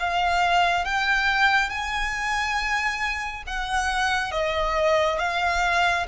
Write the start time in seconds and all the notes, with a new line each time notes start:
0.00 F5
0.85 G5
1.70 G#5
3.47 F#5
4.32 D#5
5.19 F5